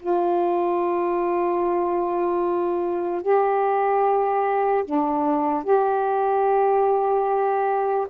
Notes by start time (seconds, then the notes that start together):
0.00 F4
3.22 G4
4.85 D4
5.64 G4